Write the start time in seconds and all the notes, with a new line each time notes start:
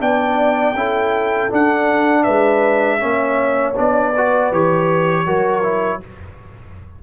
0.00 B3 D4 D5 G5
0.74 C#4 E4 A4
1.50 D4 F#5
2.24 G#3 B4 E5
2.99 A#3 C#4 C#5
3.76 B3 D4 D5
4.14 F#4 B4
4.52 E3 G4 C#5
5.26 F#3 F#4 A#4
5.63 E4